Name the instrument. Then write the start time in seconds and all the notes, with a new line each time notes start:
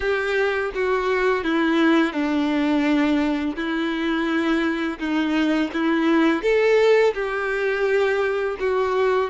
violin
0.00 G4
0.74 F#4
1.44 E4
2.12 D4
3.56 E4
4.99 D#4
5.73 E4
6.42 A4
7.14 G4
8.59 F#4